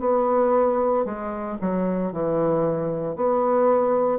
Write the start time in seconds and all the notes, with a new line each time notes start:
0.00 B3
1.05 G#3
1.61 F#3
2.12 E3
3.16 B3